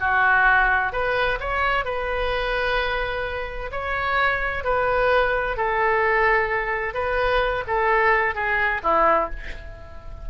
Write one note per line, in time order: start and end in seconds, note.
0.00 0.93 F#4
0.93 1.39 B4
1.40 1.85 C#5
1.85 3.71 B4
3.72 4.64 C#5
4.64 5.57 B4
5.57 6.94 A4
6.94 7.64 B4
7.67 8.35 A4
8.35 8.82 G#4
8.84 9.30 E4